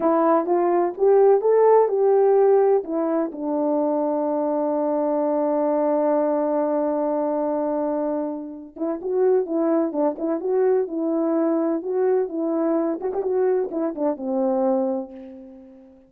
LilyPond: \new Staff \with { instrumentName = "horn" } { \time 4/4 \tempo 4 = 127 e'4 f'4 g'4 a'4 | g'2 e'4 d'4~ | d'1~ | d'1~ |
d'2~ d'8 e'8 fis'4 | e'4 d'8 e'8 fis'4 e'4~ | e'4 fis'4 e'4. fis'16 g'16 | fis'4 e'8 d'8 c'2 | }